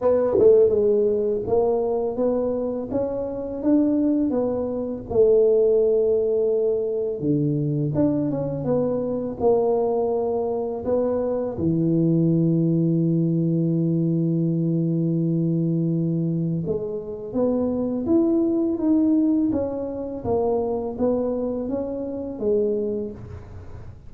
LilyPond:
\new Staff \with { instrumentName = "tuba" } { \time 4/4 \tempo 4 = 83 b8 a8 gis4 ais4 b4 | cis'4 d'4 b4 a4~ | a2 d4 d'8 cis'8 | b4 ais2 b4 |
e1~ | e2. gis4 | b4 e'4 dis'4 cis'4 | ais4 b4 cis'4 gis4 | }